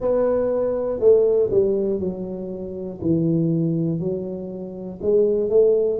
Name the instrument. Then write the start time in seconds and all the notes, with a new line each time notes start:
tuba
0.00 B3
1.00 A3
1.50 G3
1.99 F#3
3.01 E3
4.00 F#3
5.01 G#3
5.49 A3